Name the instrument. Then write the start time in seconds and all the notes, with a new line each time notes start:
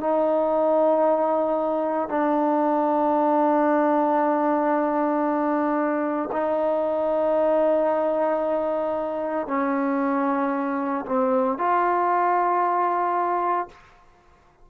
trombone
0.00 D#4
2.09 D4
6.32 D#4
9.47 C#4
11.06 C4
11.58 F4